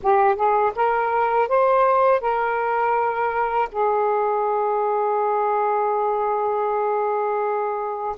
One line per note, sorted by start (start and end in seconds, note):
0.02 0.35 G4
0.35 0.72 G#4
0.75 1.48 A#4
1.48 2.20 C5
2.20 3.68 A#4
3.71 8.15 G#4